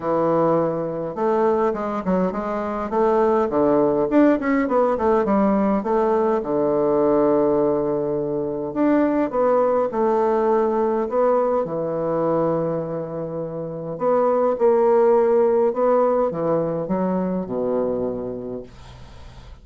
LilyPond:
\new Staff \with { instrumentName = "bassoon" } { \time 4/4 \tempo 4 = 103 e2 a4 gis8 fis8 | gis4 a4 d4 d'8 cis'8 | b8 a8 g4 a4 d4~ | d2. d'4 |
b4 a2 b4 | e1 | b4 ais2 b4 | e4 fis4 b,2 | }